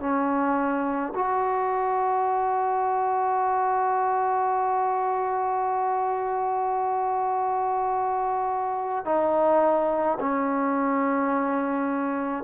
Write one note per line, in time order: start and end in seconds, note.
0.00 1.13 C#4
1.15 9.05 F#4
9.05 10.18 D#4
10.20 12.44 C#4